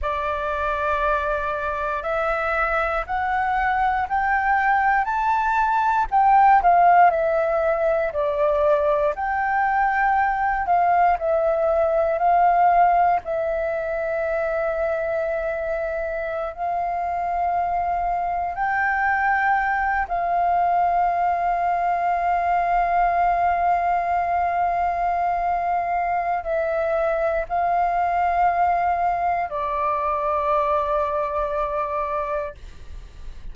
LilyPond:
\new Staff \with { instrumentName = "flute" } { \time 4/4 \tempo 4 = 59 d''2 e''4 fis''4 | g''4 a''4 g''8 f''8 e''4 | d''4 g''4. f''8 e''4 | f''4 e''2.~ |
e''16 f''2 g''4. f''16~ | f''1~ | f''2 e''4 f''4~ | f''4 d''2. | }